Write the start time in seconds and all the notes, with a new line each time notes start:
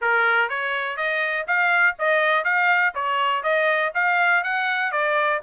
0.01 A#4
0.49 C#5
0.97 D#5
1.47 F5
1.98 D#5
2.44 F5
2.94 C#5
3.43 D#5
3.94 F5
4.43 F#5
4.91 D5